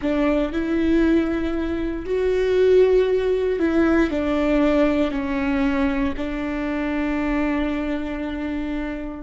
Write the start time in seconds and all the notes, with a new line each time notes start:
0.01 D4
0.52 E4
2.05 F#4
3.59 E4
4.10 D4
5.11 C#4
6.16 D4